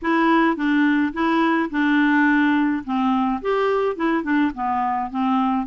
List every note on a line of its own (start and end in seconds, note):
0.02 0.56 E4
0.56 1.12 D4
1.13 1.69 E4
1.70 2.83 D4
2.84 3.41 C4
3.41 3.96 G4
3.96 4.23 E4
4.23 4.51 D4
4.54 5.10 B3
5.10 5.66 C4